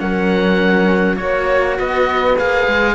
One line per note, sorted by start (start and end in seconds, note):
0.00 1.20 F#3
0.00 1.16 C#4
0.00 1.19 A#4
0.00 1.17 F#5
1.16 1.79 A#3
1.16 2.35 F#4
1.16 1.76 C#5
1.16 1.78 C#5
1.79 2.39 B3
1.79 2.95 B4
1.79 2.38 D#5
2.38 2.68 A#3
2.38 2.95 G#4
2.38 2.95 F5
2.68 2.95 G#3